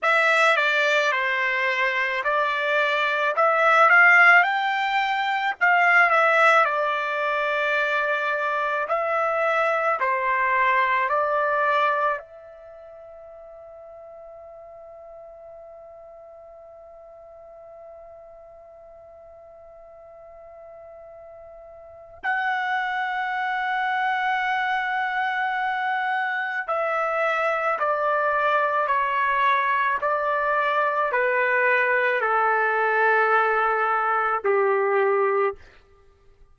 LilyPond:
\new Staff \with { instrumentName = "trumpet" } { \time 4/4 \tempo 4 = 54 e''8 d''8 c''4 d''4 e''8 f''8 | g''4 f''8 e''8 d''2 | e''4 c''4 d''4 e''4~ | e''1~ |
e''1 | fis''1 | e''4 d''4 cis''4 d''4 | b'4 a'2 g'4 | }